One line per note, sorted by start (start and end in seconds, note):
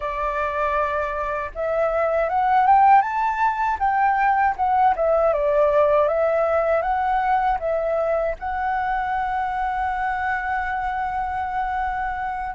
0.00 1.51 D5
1.54 2.29 E5
2.29 2.66 F#5
2.66 3.01 G5
3.01 3.77 A5
3.79 4.55 G5
4.56 4.94 F#5
4.95 5.33 E5
5.33 6.08 D5
6.08 6.81 E5
6.81 7.57 F#5
7.59 8.35 E5
8.39 12.55 F#5